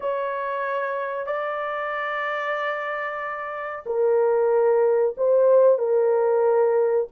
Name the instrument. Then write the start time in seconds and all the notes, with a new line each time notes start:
horn
0.00 C#5
1.26 D5
3.86 A#4
5.17 C5
5.78 A#4